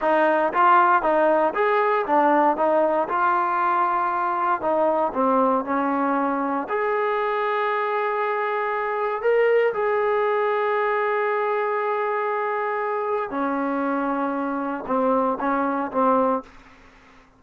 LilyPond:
\new Staff \with { instrumentName = "trombone" } { \time 4/4 \tempo 4 = 117 dis'4 f'4 dis'4 gis'4 | d'4 dis'4 f'2~ | f'4 dis'4 c'4 cis'4~ | cis'4 gis'2.~ |
gis'2 ais'4 gis'4~ | gis'1~ | gis'2 cis'2~ | cis'4 c'4 cis'4 c'4 | }